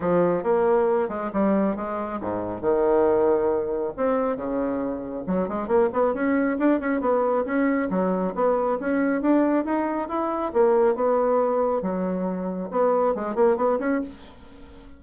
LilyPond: \new Staff \with { instrumentName = "bassoon" } { \time 4/4 \tempo 4 = 137 f4 ais4. gis8 g4 | gis4 gis,4 dis2~ | dis4 c'4 cis2 | fis8 gis8 ais8 b8 cis'4 d'8 cis'8 |
b4 cis'4 fis4 b4 | cis'4 d'4 dis'4 e'4 | ais4 b2 fis4~ | fis4 b4 gis8 ais8 b8 cis'8 | }